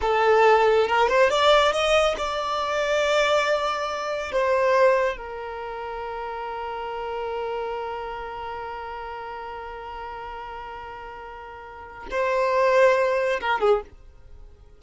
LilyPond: \new Staff \with { instrumentName = "violin" } { \time 4/4 \tempo 4 = 139 a'2 ais'8 c''8 d''4 | dis''4 d''2.~ | d''2 c''2 | ais'1~ |
ais'1~ | ais'1~ | ais'1 | c''2. ais'8 gis'8 | }